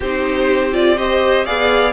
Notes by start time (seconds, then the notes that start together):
0.00 C4 D#4 G4 C5
0.72 F4 D5
0.97 G4 C5 D#5
1.45 B3 G#4 D5 F5